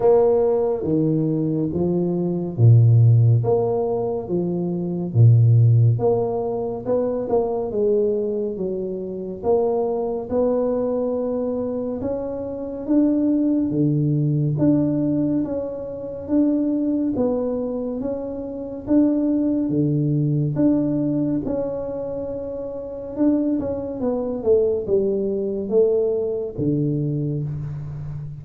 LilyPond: \new Staff \with { instrumentName = "tuba" } { \time 4/4 \tempo 4 = 70 ais4 dis4 f4 ais,4 | ais4 f4 ais,4 ais4 | b8 ais8 gis4 fis4 ais4 | b2 cis'4 d'4 |
d4 d'4 cis'4 d'4 | b4 cis'4 d'4 d4 | d'4 cis'2 d'8 cis'8 | b8 a8 g4 a4 d4 | }